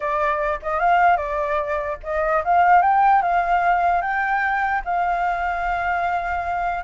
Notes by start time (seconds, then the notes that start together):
0.00 D5
0.62 D#5
0.79 F5
1.16 D5
2.03 D#5
2.44 F5
2.82 G5
3.22 F5
4.01 G5
4.84 F5